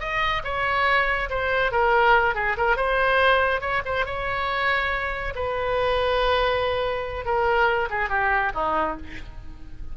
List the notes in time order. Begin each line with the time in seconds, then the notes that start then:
0.00 D#5
0.44 C#5
1.30 C5
1.72 A#4
2.35 G#4
2.57 A#4
2.77 C5
3.61 C#5
3.86 C5
4.06 C#5
5.36 B4
7.25 A#4
7.90 G#4
8.10 G4
8.55 D#4